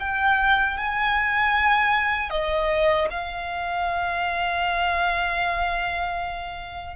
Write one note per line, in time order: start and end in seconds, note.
0.00 0.77 G5
0.77 2.30 G#5
2.30 3.08 D#5
3.11 6.96 F5